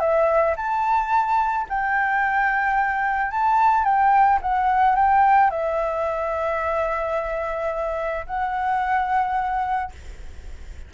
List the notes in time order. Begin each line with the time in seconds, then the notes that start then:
0.00 E5
0.57 A5
1.69 G5
3.32 A5
3.85 G5
4.42 F#5
4.96 G5
5.51 E5
8.26 F#5